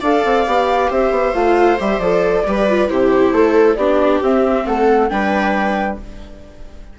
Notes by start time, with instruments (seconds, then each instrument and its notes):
0.00 bassoon D4, viola A4 D5, flute F5
0.25 bassoon C4
0.47 bassoon B3, viola G4
0.90 bassoon C4, viola C5, flute E5
1.11 bassoon B3
1.34 bassoon A3, viola F4, flute F5
1.80 bassoon G3, viola G4, flute E5
1.99 bassoon F3, viola A4, flute D5
2.47 bassoon G3, viola G4 B4
2.69 viola F4
2.88 bassoon C3, viola E4 G4, flute C5
3.32 bassoon A3, viola A4
3.75 bassoon B3, viola D4 G4, flute D5
4.22 bassoon C4, viola C4, flute E5
4.66 bassoon A3, viola A4, flute F#5
5.09 bassoon G3, viola D4 B4, flute G5